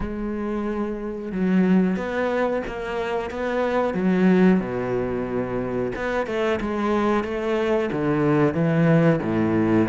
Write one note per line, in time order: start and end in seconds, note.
0.00 1.32 G#3
1.32 1.96 F#3
1.96 2.62 B3
2.66 3.30 A#3
3.30 3.94 B3
3.94 4.60 F#3
4.60 5.92 B2
5.95 6.26 B3
6.26 6.59 A3
6.60 7.24 G#3
7.24 7.90 A3
7.92 8.54 D3
8.54 9.19 E3
9.22 9.88 A2